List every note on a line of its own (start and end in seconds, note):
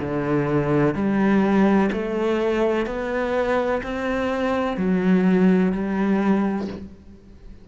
0.00 0.95 D3
0.95 1.90 G3
1.93 2.87 A3
2.87 3.82 B3
3.84 4.77 C4
4.77 5.73 F#3
5.73 6.68 G3